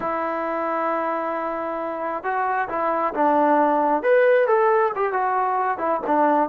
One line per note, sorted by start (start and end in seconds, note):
0.00 2.23 E4
2.23 2.68 F#4
2.68 3.13 E4
3.14 4.02 D4
4.02 4.47 B4
4.47 4.92 A4
4.95 5.12 G4
5.12 5.78 F#4
5.78 6.00 E4
6.07 6.49 D4